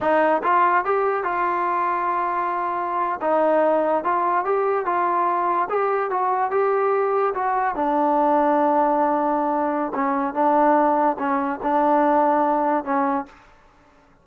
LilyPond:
\new Staff \with { instrumentName = "trombone" } { \time 4/4 \tempo 4 = 145 dis'4 f'4 g'4 f'4~ | f'2.~ f'8. dis'16~ | dis'4.~ dis'16 f'4 g'4 f'16~ | f'4.~ f'16 g'4 fis'4 g'16~ |
g'4.~ g'16 fis'4 d'4~ d'16~ | d'1 | cis'4 d'2 cis'4 | d'2. cis'4 | }